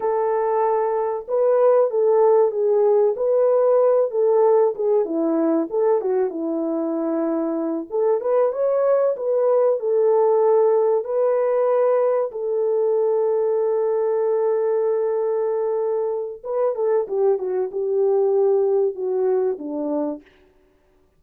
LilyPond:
\new Staff \with { instrumentName = "horn" } { \time 4/4 \tempo 4 = 95 a'2 b'4 a'4 | gis'4 b'4. a'4 gis'8 | e'4 a'8 fis'8 e'2~ | e'8 a'8 b'8 cis''4 b'4 a'8~ |
a'4. b'2 a'8~ | a'1~ | a'2 b'8 a'8 g'8 fis'8 | g'2 fis'4 d'4 | }